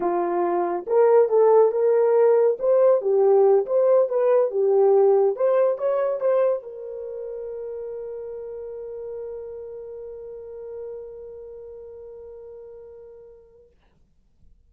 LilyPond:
\new Staff \with { instrumentName = "horn" } { \time 4/4 \tempo 4 = 140 f'2 ais'4 a'4 | ais'2 c''4 g'4~ | g'8 c''4 b'4 g'4.~ | g'8 c''4 cis''4 c''4 ais'8~ |
ais'1~ | ais'1~ | ais'1~ | ais'1 | }